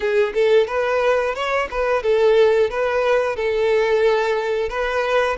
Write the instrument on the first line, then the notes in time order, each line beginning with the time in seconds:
violin
0.00 G#4
0.34 A4
0.67 B4
1.34 C#5
1.70 B4
2.02 A4
2.70 B4
3.36 A4
4.69 B4